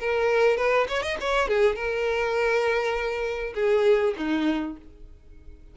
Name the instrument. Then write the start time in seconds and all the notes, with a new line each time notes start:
violin
0.00 A#4
0.57 B4
0.88 C#5
1.02 D#5
1.20 C#5
1.48 G#4
1.75 A#4
3.54 G#4
4.17 D#4